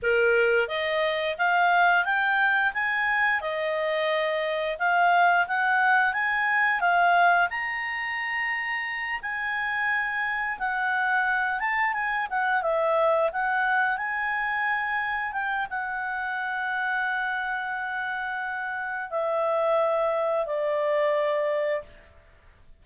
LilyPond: \new Staff \with { instrumentName = "clarinet" } { \time 4/4 \tempo 4 = 88 ais'4 dis''4 f''4 g''4 | gis''4 dis''2 f''4 | fis''4 gis''4 f''4 ais''4~ | ais''4. gis''2 fis''8~ |
fis''4 a''8 gis''8 fis''8 e''4 fis''8~ | fis''8 gis''2 g''8 fis''4~ | fis''1 | e''2 d''2 | }